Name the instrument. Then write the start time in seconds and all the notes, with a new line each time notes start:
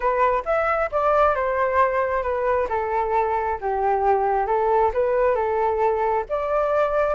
flute
0.00 B4
0.45 E5
0.91 D5
1.35 C5
2.23 B4
2.69 A4
3.60 G4
4.47 A4
4.93 B4
5.35 A4
6.29 D5